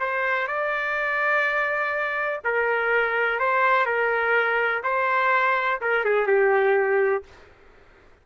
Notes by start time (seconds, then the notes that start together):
0.00 C5
0.48 D5
2.45 A#4
3.40 C5
3.86 A#4
4.84 C5
5.81 A#4
6.05 G#4
6.27 G4